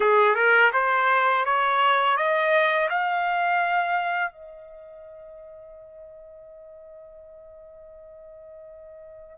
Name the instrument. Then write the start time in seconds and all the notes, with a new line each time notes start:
trumpet
0.00 G#4
0.35 A#4
0.73 C5
1.45 C#5
2.16 D#5
2.89 F5
4.31 D#5